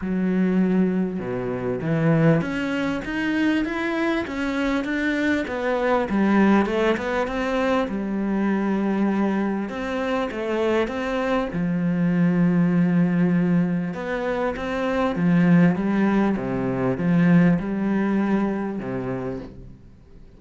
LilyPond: \new Staff \with { instrumentName = "cello" } { \time 4/4 \tempo 4 = 99 fis2 b,4 e4 | cis'4 dis'4 e'4 cis'4 | d'4 b4 g4 a8 b8 | c'4 g2. |
c'4 a4 c'4 f4~ | f2. b4 | c'4 f4 g4 c4 | f4 g2 c4 | }